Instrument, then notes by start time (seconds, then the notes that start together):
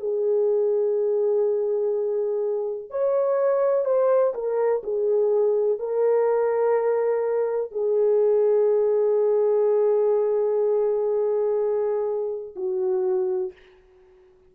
horn
0.00 G#4
2.90 C#5
3.85 C5
4.34 A#4
4.83 G#4
5.79 A#4
7.72 G#4
12.56 F#4